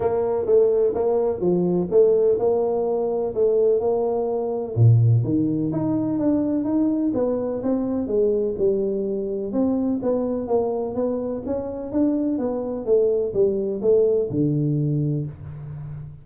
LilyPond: \new Staff \with { instrumentName = "tuba" } { \time 4/4 \tempo 4 = 126 ais4 a4 ais4 f4 | a4 ais2 a4 | ais2 ais,4 dis4 | dis'4 d'4 dis'4 b4 |
c'4 gis4 g2 | c'4 b4 ais4 b4 | cis'4 d'4 b4 a4 | g4 a4 d2 | }